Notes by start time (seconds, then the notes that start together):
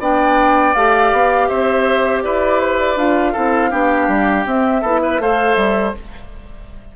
0.00 B3 D4 D5 G5
0.75 A3 G4 F5
1.12 B3
1.48 C4 C5 E5
2.23 E4 B4 D5
2.60 C5
2.79 D5
2.97 D4 F4 F5
3.33 C4 E4 A4
3.71 B3 D4 G4
4.08 G3
4.46 C4 E5
4.82 B3 E4 A4
5.03 B4
5.19 A3 A4 C5 F5
5.55 G3 E5